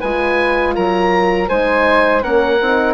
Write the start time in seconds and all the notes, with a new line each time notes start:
0.00 G#3 F4 B4 G#5
0.75 F#3 A#4 A#5
1.50 G#3 D#4 C5 G#5
2.22 A#3 C#4 A#4 F#5
2.61 C4 D#4